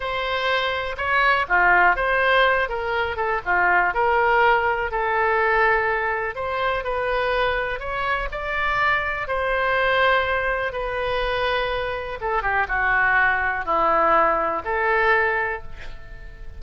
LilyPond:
\new Staff \with { instrumentName = "oboe" } { \time 4/4 \tempo 4 = 123 c''2 cis''4 f'4 | c''4. ais'4 a'8 f'4 | ais'2 a'2~ | a'4 c''4 b'2 |
cis''4 d''2 c''4~ | c''2 b'2~ | b'4 a'8 g'8 fis'2 | e'2 a'2 | }